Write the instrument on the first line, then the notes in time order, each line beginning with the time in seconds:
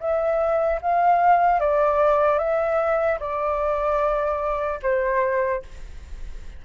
flute
0.00 E5
0.82 F5
1.60 D5
2.39 E5
3.20 D5
4.83 C5